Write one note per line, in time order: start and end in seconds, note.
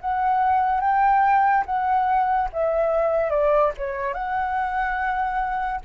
0.00 0.80 F#5
0.80 1.64 G5
1.65 2.48 F#5
2.52 3.30 E5
3.30 3.72 D5
3.77 4.14 C#5
4.14 5.80 F#5